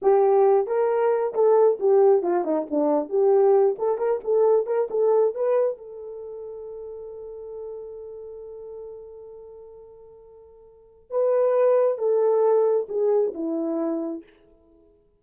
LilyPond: \new Staff \with { instrumentName = "horn" } { \time 4/4 \tempo 4 = 135 g'4. ais'4. a'4 | g'4 f'8 dis'8 d'4 g'4~ | g'8 a'8 ais'8 a'4 ais'8 a'4 | b'4 a'2.~ |
a'1~ | a'1~ | a'4 b'2 a'4~ | a'4 gis'4 e'2 | }